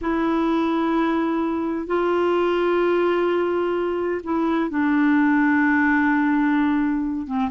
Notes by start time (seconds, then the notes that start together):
0.01 E4
1.87 F4
4.23 E4
4.70 D4
7.27 C4